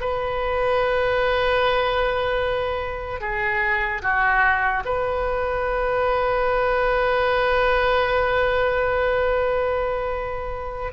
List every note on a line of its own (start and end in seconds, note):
0.00 3.20 B4
3.20 4.01 G#4
4.02 4.83 F#4
4.85 10.92 B4